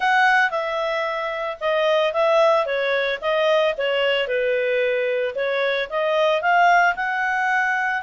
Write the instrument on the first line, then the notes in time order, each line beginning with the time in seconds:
clarinet
0.00 F#5
0.50 E5
1.60 D#5
2.13 E5
2.65 C#5
3.21 D#5
3.77 C#5
4.27 B4
5.35 C#5
5.89 D#5
6.41 F5
6.95 F#5